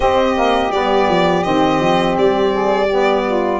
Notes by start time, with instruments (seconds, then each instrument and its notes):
0.00 saxophone C4 G4, tuba C4, violin D#5
0.35 saxophone A#3
0.70 tuba G3, saxophone B3, violin D5
1.09 tuba F3
1.42 tuba D#3, saxophone C4, violin D#5
1.80 tuba F3
2.17 tuba G3, violin D5
2.52 saxophone G#4
2.86 saxophone B3 G4
3.25 saxophone F4